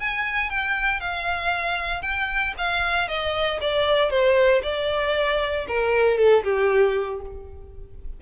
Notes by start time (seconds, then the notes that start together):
0.00 G#5
0.50 G5
1.00 F5
2.02 G5
2.58 F5
3.08 D#5
3.61 D5
4.10 C5
4.63 D5
5.68 A#4
6.18 A4
6.44 G4